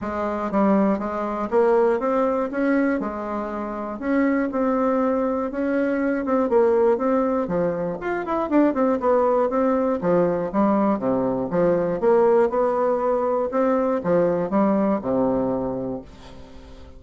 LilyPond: \new Staff \with { instrumentName = "bassoon" } { \time 4/4 \tempo 4 = 120 gis4 g4 gis4 ais4 | c'4 cis'4 gis2 | cis'4 c'2 cis'4~ | cis'8 c'8 ais4 c'4 f4 |
f'8 e'8 d'8 c'8 b4 c'4 | f4 g4 c4 f4 | ais4 b2 c'4 | f4 g4 c2 | }